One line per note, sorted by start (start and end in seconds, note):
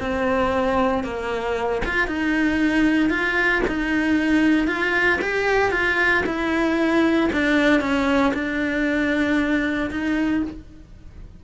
0.00 1.04 C4
1.04 1.82 A#3
1.85 2.08 F4
2.08 3.10 D#4
3.10 3.62 F4
3.67 4.67 D#4
4.67 5.20 F4
5.22 5.72 G4
5.72 6.24 F4
6.26 7.30 E4
7.33 7.80 D4
7.80 8.33 C#4
8.34 9.90 D4
9.91 10.43 D#4